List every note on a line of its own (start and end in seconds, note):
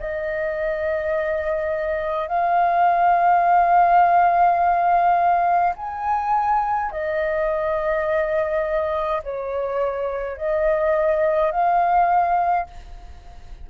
0.00 2.28 D#5
2.28 5.74 F5
5.76 6.92 G#5
6.92 9.23 D#5
9.24 10.37 C#5
10.37 11.52 D#5
11.52 12.67 F5